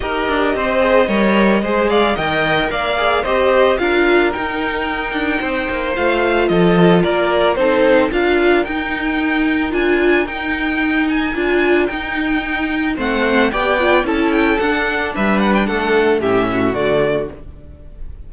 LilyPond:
<<
  \new Staff \with { instrumentName = "violin" } { \time 4/4 \tempo 4 = 111 dis''2.~ dis''8 f''8 | g''4 f''4 dis''4 f''4 | g''2. f''4 | dis''4 d''4 c''4 f''4 |
g''2 gis''4 g''4~ | g''8 gis''4. g''2 | fis''4 g''4 a''8 g''8 fis''4 | e''8 fis''16 g''16 fis''4 e''4 d''4 | }
  \new Staff \with { instrumentName = "violin" } { \time 4/4 ais'4 c''4 cis''4 c''8 d''8 | dis''4 d''4 c''4 ais'4~ | ais'2 c''2 | a'4 ais'4 a'4 ais'4~ |
ais'1~ | ais'1 | c''4 d''4 a'2 | b'4 a'4 g'8 fis'4. | }
  \new Staff \with { instrumentName = "viola" } { \time 4/4 g'4. gis'8 ais'4 gis'4 | ais'4. gis'8 g'4 f'4 | dis'2. f'4~ | f'2 dis'4 f'4 |
dis'2 f'4 dis'4~ | dis'4 f'4 dis'2 | c'4 g'8 f'8 e'4 d'4~ | d'2 cis'4 a4 | }
  \new Staff \with { instrumentName = "cello" } { \time 4/4 dis'8 d'8 c'4 g4 gis4 | dis4 ais4 c'4 d'4 | dis'4. d'8 c'8 ais8 a4 | f4 ais4 c'4 d'4 |
dis'2 d'4 dis'4~ | dis'4 d'4 dis'2 | a4 b4 cis'4 d'4 | g4 a4 a,4 d4 | }
>>